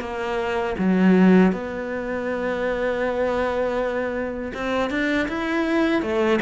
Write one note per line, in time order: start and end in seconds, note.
0.00 0.75 A#3
0.78 1.52 F#3
1.52 4.52 B3
4.53 4.90 C4
4.90 5.27 D4
5.28 6.02 E4
6.02 6.39 A3